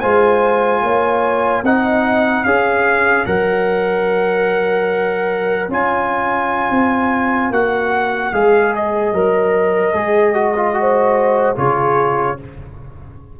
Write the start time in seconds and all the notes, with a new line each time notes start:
0.00 G#3 F4 C5 G#5
0.82 A#3 C#5
1.63 C4 D#4 D#5 F#5
2.44 C#4 G#4 C#5 F5
3.25 F#3 A#4 F#5
5.68 C#4 F4 G#5
6.70 C4
7.50 A#3 F#4 F#5
8.32 G#3 G#4 F5
8.75 D#5
9.12 F#3 A#4
9.93 G#3 G#4
10.34 F#4
10.56 F4
10.74 F#4 C5
11.55 C#3 F4 G#4 C#5